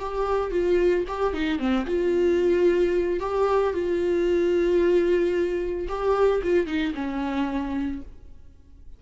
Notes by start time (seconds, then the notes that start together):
0.00 G4
0.51 F4
1.08 G4
1.34 D#4
1.59 C4
1.87 F4
3.20 G4
3.74 F4
5.89 G4
6.44 F4
6.67 D#4
6.95 C#4